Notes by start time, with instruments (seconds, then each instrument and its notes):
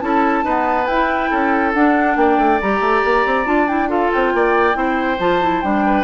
0.00 bassoon C#4, clarinet E4, oboe A4, flute A5
0.43 clarinet B3, bassoon D#4, oboe B4
0.86 bassoon E4, clarinet E4, flute G5
1.30 bassoon C#4, oboe A4
1.74 bassoon D4, clarinet D4, flute F#5
2.16 bassoon A#3, oboe D5, flute G5
2.37 bassoon A3
2.61 bassoon G3, clarinet G4, flute A#5
2.80 bassoon A3
3.04 bassoon A#3
3.26 bassoon C4
3.45 bassoon D4, clarinet F4, flute A5
3.67 clarinet E4, flute G5
3.88 clarinet F4, oboe A4, flute F5
4.12 bassoon C4, flute G5
4.34 bassoon A#3, oboe D5
4.73 bassoon C4, clarinet E4, oboe C5
5.19 bassoon F3, clarinet F4, flute A5
5.41 clarinet E4
5.61 bassoon G3, clarinet D4, flute G5
5.86 oboe B4